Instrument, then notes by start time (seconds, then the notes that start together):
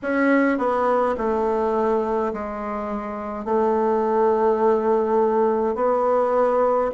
bassoon
0.02 C#4
0.58 B3
1.17 A3
2.33 G#3
3.45 A3
5.75 B3